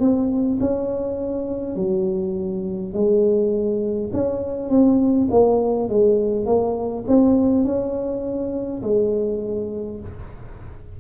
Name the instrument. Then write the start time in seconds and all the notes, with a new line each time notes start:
tuba
0.00 C4
0.60 C#4
1.76 F#3
2.93 G#3
4.13 C#4
4.70 C4
5.30 A#3
5.89 G#3
6.45 A#3
7.07 C4
7.65 C#4
8.82 G#3